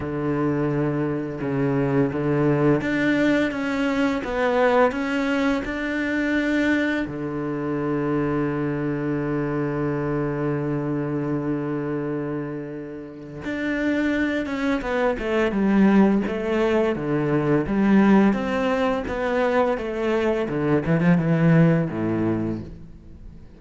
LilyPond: \new Staff \with { instrumentName = "cello" } { \time 4/4 \tempo 4 = 85 d2 cis4 d4 | d'4 cis'4 b4 cis'4 | d'2 d2~ | d1~ |
d2. d'4~ | d'8 cis'8 b8 a8 g4 a4 | d4 g4 c'4 b4 | a4 d8 e16 f16 e4 a,4 | }